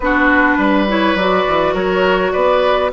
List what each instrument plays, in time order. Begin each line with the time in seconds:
0.00 bassoon B3, clarinet D4, oboe F#4, flute B4
0.57 bassoon G3, oboe B4
0.88 clarinet E4, flute C#5
1.15 bassoon F#3, clarinet F#4, flute D5
1.47 bassoon E3
1.73 bassoon F#3, oboe A#4, flute C#5
2.32 bassoon B3, oboe B4, flute D5